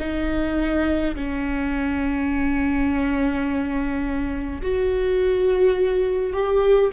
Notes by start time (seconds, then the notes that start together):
0.00 D#4
1.16 C#4
4.63 F#4
6.34 G4